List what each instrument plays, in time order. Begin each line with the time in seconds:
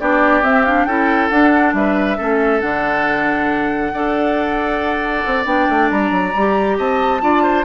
0.00 bassoon B3, clarinet D4, oboe G4, flute D5
0.43 bassoon C4, clarinet C4, flute E5
0.65 clarinet D4, flute F5
0.85 bassoon C#4, clarinet E4, oboe A4, flute G5
1.29 bassoon D4, clarinet D4, flute F#5
1.74 bassoon G3, oboe B4, flute E5
2.18 bassoon A3, clarinet C#4, oboe A4
2.61 bassoon D3, clarinet D4, flute F#5
3.94 bassoon D4, clarinet A4, oboe D5
5.26 bassoon C4
5.46 bassoon B3, clarinet D4, flute G5
5.70 bassoon A3
5.91 bassoon G3, flute A#5
6.11 bassoon F#3
6.35 bassoon G3, clarinet G4
6.78 bassoon C4, oboe D#5, flute A5
7.21 bassoon D4, clarinet F4, oboe D5
7.43 oboe C5